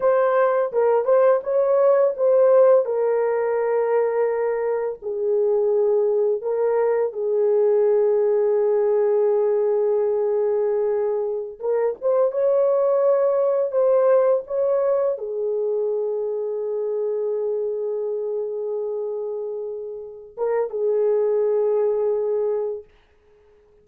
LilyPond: \new Staff \with { instrumentName = "horn" } { \time 4/4 \tempo 4 = 84 c''4 ais'8 c''8 cis''4 c''4 | ais'2. gis'4~ | gis'4 ais'4 gis'2~ | gis'1~ |
gis'16 ais'8 c''8 cis''2 c''8.~ | c''16 cis''4 gis'2~ gis'8.~ | gis'1~ | gis'8 ais'8 gis'2. | }